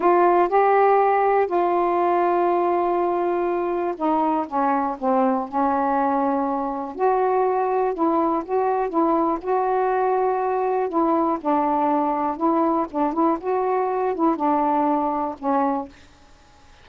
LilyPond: \new Staff \with { instrumentName = "saxophone" } { \time 4/4 \tempo 4 = 121 f'4 g'2 f'4~ | f'1 | dis'4 cis'4 c'4 cis'4~ | cis'2 fis'2 |
e'4 fis'4 e'4 fis'4~ | fis'2 e'4 d'4~ | d'4 e'4 d'8 e'8 fis'4~ | fis'8 e'8 d'2 cis'4 | }